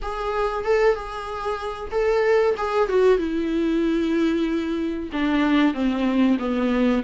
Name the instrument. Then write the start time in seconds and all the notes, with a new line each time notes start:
viola
0.02 G#4
0.64 A4
0.95 G#4
1.91 A4
2.57 G#4
2.88 F#4
3.17 E4
5.12 D4
5.74 C4
6.38 B3